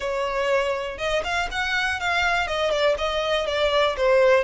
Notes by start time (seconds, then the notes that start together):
0.00 C#5
0.98 D#5
1.24 F5
1.51 F#5
2.00 F5
2.47 D#5
2.70 D5
2.98 D#5
3.46 D5
3.96 C5